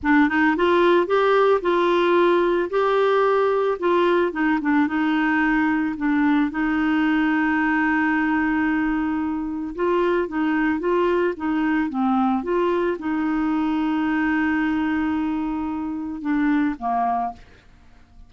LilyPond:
\new Staff \with { instrumentName = "clarinet" } { \time 4/4 \tempo 4 = 111 d'8 dis'8 f'4 g'4 f'4~ | f'4 g'2 f'4 | dis'8 d'8 dis'2 d'4 | dis'1~ |
dis'2 f'4 dis'4 | f'4 dis'4 c'4 f'4 | dis'1~ | dis'2 d'4 ais4 | }